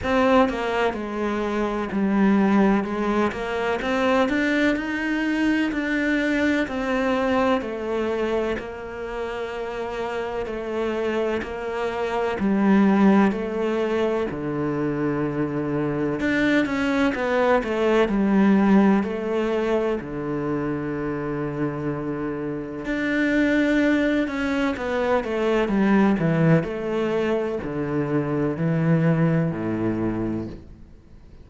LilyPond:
\new Staff \with { instrumentName = "cello" } { \time 4/4 \tempo 4 = 63 c'8 ais8 gis4 g4 gis8 ais8 | c'8 d'8 dis'4 d'4 c'4 | a4 ais2 a4 | ais4 g4 a4 d4~ |
d4 d'8 cis'8 b8 a8 g4 | a4 d2. | d'4. cis'8 b8 a8 g8 e8 | a4 d4 e4 a,4 | }